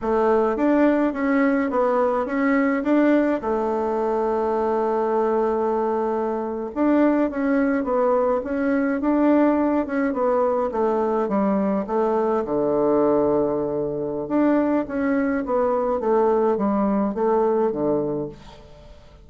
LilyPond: \new Staff \with { instrumentName = "bassoon" } { \time 4/4 \tempo 4 = 105 a4 d'4 cis'4 b4 | cis'4 d'4 a2~ | a2.~ a8. d'16~ | d'8. cis'4 b4 cis'4 d'16~ |
d'4~ d'16 cis'8 b4 a4 g16~ | g8. a4 d2~ d16~ | d4 d'4 cis'4 b4 | a4 g4 a4 d4 | }